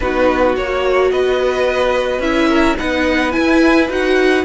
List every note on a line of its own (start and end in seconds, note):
0.00 0.56 B3
0.00 0.56 D#4
0.00 1.11 F#4
0.00 0.55 B4
0.56 1.11 A#3
0.56 2.22 F#4
0.56 1.11 C#5
1.11 2.19 B3
1.11 2.48 B4
1.11 2.21 D#5
2.19 2.75 C#4
2.19 2.77 E4
2.19 2.76 E5
2.48 2.76 A#4
2.77 3.36 B3
2.77 3.31 D#4
2.77 4.44 B4
2.77 3.32 F#5
3.31 3.86 E4
3.31 3.90 E4
3.31 3.87 G#5
3.88 4.44 D#4
3.88 4.44 F#4
3.88 4.44 F#5